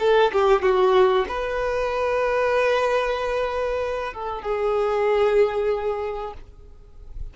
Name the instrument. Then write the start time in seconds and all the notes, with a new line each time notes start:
violin
0.00 A4
0.33 G4
0.62 F#4
1.29 B4
4.14 A4
4.43 G#4